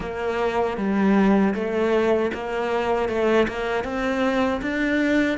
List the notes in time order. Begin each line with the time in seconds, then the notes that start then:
0.00 A#3
0.77 G3
1.54 A3
2.34 A#3
3.08 A3
3.48 A#3
3.84 C4
4.61 D4